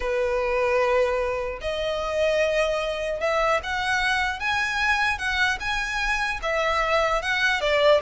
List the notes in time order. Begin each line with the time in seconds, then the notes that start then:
0.00 B4
1.61 D#5
3.20 E5
3.63 F#5
4.39 G#5
5.18 F#5
5.60 G#5
6.42 E5
7.21 F#5
7.61 D5